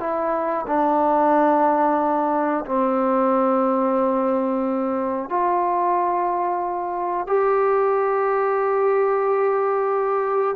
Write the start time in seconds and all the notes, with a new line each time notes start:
0.00 E4
0.67 D4
2.66 C4
5.30 F4
7.27 G4